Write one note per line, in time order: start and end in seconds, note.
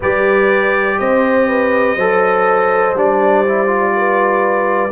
0.00 1.00 G3
0.00 1.98 G4
0.00 0.97 B4
0.00 0.99 D5
0.99 1.95 C4
0.99 1.48 C5
0.99 2.95 D#5
1.48 1.95 B4
1.95 2.94 F#3
1.95 2.96 A4
1.95 3.92 C5
2.94 4.91 G3
2.94 3.45 D4
2.94 4.91 D5
3.45 3.66 E4
3.66 4.89 F4
3.95 4.91 B4